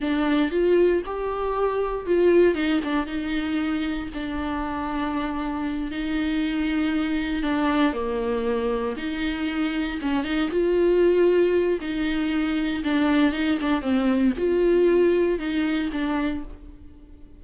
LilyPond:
\new Staff \with { instrumentName = "viola" } { \time 4/4 \tempo 4 = 117 d'4 f'4 g'2 | f'4 dis'8 d'8 dis'2 | d'2.~ d'8 dis'8~ | dis'2~ dis'8 d'4 ais8~ |
ais4. dis'2 cis'8 | dis'8 f'2~ f'8 dis'4~ | dis'4 d'4 dis'8 d'8 c'4 | f'2 dis'4 d'4 | }